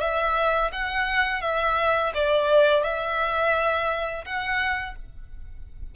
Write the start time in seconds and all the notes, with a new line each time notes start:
0.00 E5
0.72 F#5
1.41 E5
2.14 D5
2.83 E5
4.24 F#5